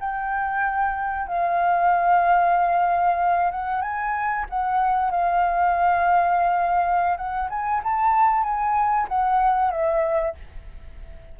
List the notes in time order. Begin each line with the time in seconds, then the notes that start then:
0.00 G5
1.28 F5
3.51 F#5
3.82 G#5
4.49 F#5
5.11 F5
7.17 F#5
7.50 G#5
7.83 A5
8.43 G#5
9.08 F#5
9.71 E5